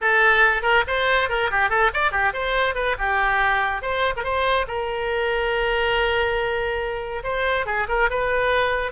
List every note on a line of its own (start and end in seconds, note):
0.01 0.62 A4
0.62 0.83 A#4
0.87 1.29 C5
1.29 1.50 A#4
1.50 1.69 G4
1.69 1.91 A4
1.93 2.11 D5
2.11 2.32 G4
2.33 2.74 C5
2.74 2.96 B4
2.98 3.82 G4
3.82 4.14 C5
4.16 4.23 A#4
4.23 4.66 C5
4.67 7.22 A#4
7.23 7.66 C5
7.66 7.87 G#4
7.88 8.09 A#4
8.10 8.91 B4